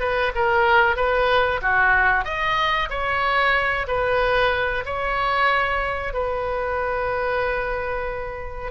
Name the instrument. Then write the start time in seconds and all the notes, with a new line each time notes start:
oboe
0.00 B4
0.35 A#4
0.96 B4
1.62 F#4
2.25 D#5
2.90 C#5
3.88 B4
4.86 C#5
6.14 B4